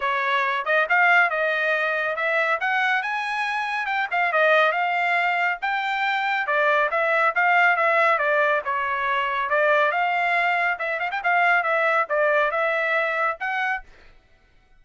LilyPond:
\new Staff \with { instrumentName = "trumpet" } { \time 4/4 \tempo 4 = 139 cis''4. dis''8 f''4 dis''4~ | dis''4 e''4 fis''4 gis''4~ | gis''4 g''8 f''8 dis''4 f''4~ | f''4 g''2 d''4 |
e''4 f''4 e''4 d''4 | cis''2 d''4 f''4~ | f''4 e''8 f''16 g''16 f''4 e''4 | d''4 e''2 fis''4 | }